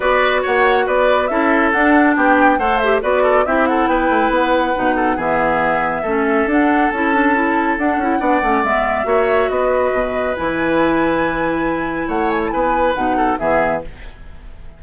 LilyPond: <<
  \new Staff \with { instrumentName = "flute" } { \time 4/4 \tempo 4 = 139 d''4 fis''4 d''4 e''4 | fis''4 g''4 fis''8 e''8 d''4 | e''8 fis''8 g''4 fis''2 | e''2. fis''4 |
a''2 fis''2 | e''2 dis''2 | gis''1 | fis''8 gis''16 a''16 gis''4 fis''4 e''4 | }
  \new Staff \with { instrumentName = "oboe" } { \time 4/4 b'4 cis''4 b'4 a'4~ | a'4 g'4 c''4 b'8 a'8 | g'8 a'8 b'2~ b'8 a'8 | gis'2 a'2~ |
a'2. d''4~ | d''4 cis''4 b'2~ | b'1 | cis''4 b'4. a'8 gis'4 | }
  \new Staff \with { instrumentName = "clarinet" } { \time 4/4 fis'2. e'4 | d'2 a'8 g'8 fis'4 | e'2. dis'4 | b2 cis'4 d'4 |
e'8 d'8 e'4 d'8 e'8 d'8 cis'8 | b4 fis'2. | e'1~ | e'2 dis'4 b4 | }
  \new Staff \with { instrumentName = "bassoon" } { \time 4/4 b4 ais4 b4 cis'4 | d'4 b4 a4 b4 | c'4 b8 a8 b4 b,4 | e2 a4 d'4 |
cis'2 d'8 cis'8 b8 a8 | gis4 ais4 b4 b,4 | e1 | a4 b4 b,4 e4 | }
>>